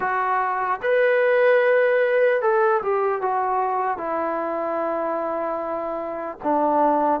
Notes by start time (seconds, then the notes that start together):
0.00 F#4
0.82 B4
2.41 A4
2.82 G4
3.21 F#4
3.97 E4
6.43 D4